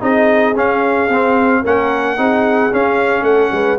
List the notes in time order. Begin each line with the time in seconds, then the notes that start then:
0.00 C4 D#4 G#4 D#5
0.56 C#4 F5
1.09 C4
1.62 A#3 C#4 A#4 F#5
2.17 C4 D#4 G#4
2.71 C#4 F5
3.22 A3 A4 F#5
3.52 G#3 B4